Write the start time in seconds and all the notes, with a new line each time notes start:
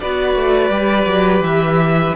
0.00 B3 F#4 B4 D5
0.35 A3
0.69 G3 G4
1.05 F#3
1.40 E3 E5